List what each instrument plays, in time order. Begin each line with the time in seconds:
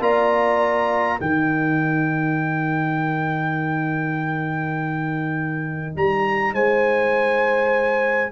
0.00 tuba A#3, trombone F4, horn D5, trumpet A#5
1.19 tuba D#3, trombone D#4, horn A#4, trumpet G5
5.95 tuba G3, trumpet A#5
6.53 tuba G#3, horn C5, trumpet G#5